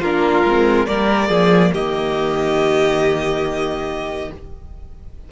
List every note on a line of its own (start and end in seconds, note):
0.00 0.43 A#3
0.00 0.47 D4
0.00 0.86 F4
0.00 0.86 A#4
0.44 0.87 G#3
0.44 0.87 C4
0.86 1.29 G3
0.86 4.29 A#3
0.86 1.28 A#4
0.86 1.71 D5
1.28 1.72 F3
1.28 1.71 G#4
1.72 4.30 D#3
1.72 4.29 G4
1.72 4.31 D#5